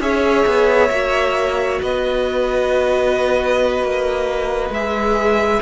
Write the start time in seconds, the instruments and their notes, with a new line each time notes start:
0.00 cello C#4, viola G#4, violin C#5 E5
0.46 cello B3
0.90 cello A#3, viola F#4
1.82 cello B3, violin B4 D#5
3.83 cello A#3
4.70 cello G#3, viola G#4, violin E5